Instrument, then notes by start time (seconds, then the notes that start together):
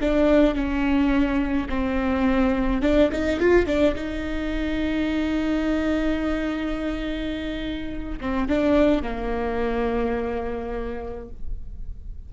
viola
0.00 D4
0.55 C#4
1.69 C4
2.82 D4
3.12 D#4
3.40 F4
3.66 D4
3.95 D#4
8.20 C4
8.49 D4
9.02 A#3